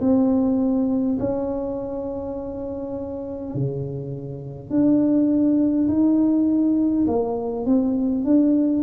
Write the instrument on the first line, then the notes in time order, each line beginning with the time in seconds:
tuba
0.00 C4
1.19 C#4
3.54 C#3
4.70 D4
5.88 D#4
7.07 A#3
7.65 C4
8.24 D4